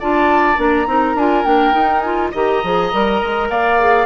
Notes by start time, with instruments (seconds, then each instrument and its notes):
0.00 bassoon D4, clarinet F4, oboe D5, flute A5
0.57 bassoon A#3, clarinet D4, flute A#5
0.87 bassoon C4, clarinet D#4, oboe A#4
1.15 bassoon D4, clarinet F4, flute G#5
1.44 bassoon A#3, clarinet D4, flute G5
1.73 clarinet D#4, bassoon D#4
2.00 clarinet F4, flute G#5
2.32 bassoon D#3, clarinet G4, oboe D#5, flute A#5
2.63 bassoon F3, clarinet G#4
2.93 bassoon G3, clarinet A#4
3.23 bassoon G#3
3.50 bassoon A#3, oboe D5, flute F5
3.80 clarinet G#4